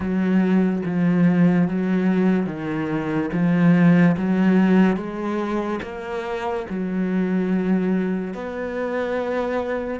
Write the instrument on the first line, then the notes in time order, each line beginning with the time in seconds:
cello
0.00 F#3
0.85 F3
1.68 F#3
2.46 D#3
3.32 F3
4.17 F#3
4.96 G#3
5.82 A#3
6.69 F#3
8.34 B3